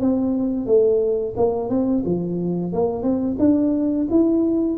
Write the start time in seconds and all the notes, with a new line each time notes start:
0.00 C4
0.66 A3
1.36 A#3
1.69 C4
2.05 F3
2.72 A#3
3.02 C4
3.39 D4
4.10 E4